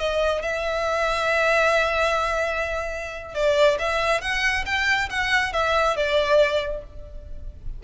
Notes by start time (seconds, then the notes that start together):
0.00 D#5
0.42 E5
3.35 D5
3.79 E5
4.22 F#5
4.66 G5
5.10 F#5
5.53 E5
5.96 D5